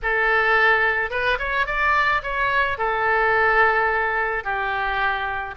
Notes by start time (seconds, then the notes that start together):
0.02 A4
1.10 B4
1.38 C#5
1.66 D5
2.22 C#5
2.78 A4
4.43 G4